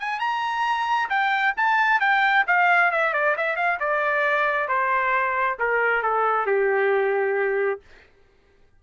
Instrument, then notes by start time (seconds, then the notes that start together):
trumpet
0.00 G#5
0.20 A#5
1.09 G5
1.57 A5
2.00 G5
2.47 F5
2.91 E5
3.13 D5
3.37 E5
3.56 F5
3.80 D5
4.68 C5
5.59 A#4
6.03 A4
6.46 G4